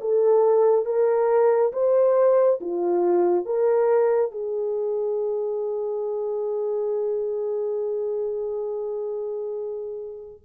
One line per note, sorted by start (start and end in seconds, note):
0.00 0.85 A4
0.85 1.72 A#4
1.72 2.59 C5
2.60 3.45 F4
3.45 4.31 A#4
4.31 10.40 G#4